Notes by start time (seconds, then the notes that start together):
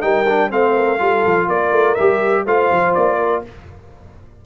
0.00 G3 D#4 A#4 G5
0.28 D4
0.50 A3 C4 C5 F5
0.75 A#4
0.98 G3 F4 A4
1.25 F3
1.47 A#3 A#4 D5
1.71 A3
1.95 G3 G4 E5
2.45 A3 F4 C5 F5
2.71 F3
2.94 A#3 D5
3.18 A#4